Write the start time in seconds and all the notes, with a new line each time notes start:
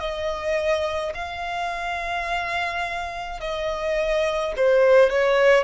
0.00 D#5
1.14 F5
3.41 D#5
4.57 C5
5.10 C#5